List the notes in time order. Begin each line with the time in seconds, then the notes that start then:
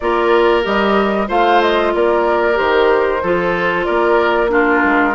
0.00 A#3 F4 A#4 D5
0.62 G3 G4 D#5
1.28 A3 F4 C5 F5
1.61 D#5
1.94 A#3 A#4 D5
2.54 D#3 G4 C5
3.22 F3 F4 A4
3.84 A#3 A#4 D5
4.48 D4 F4 A#4
4.84 G#3